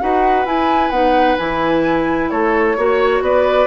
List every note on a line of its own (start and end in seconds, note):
0.00 0.46 D#4
0.00 0.47 F#4
0.00 2.31 B4
0.00 0.46 F#5
0.46 0.91 E4
0.46 0.93 E4
0.46 0.91 G#5
0.91 1.37 B3
0.91 1.39 D#4
0.91 1.37 F#5
1.38 2.32 E3
1.38 2.78 E4
1.38 2.30 G#5
2.30 2.78 A3
2.30 2.77 A4
2.30 3.22 C#5
2.77 3.21 A#3
2.77 3.67 F#4
2.77 3.24 C#5
3.21 3.67 B3
3.21 3.67 B4
3.21 3.67 D5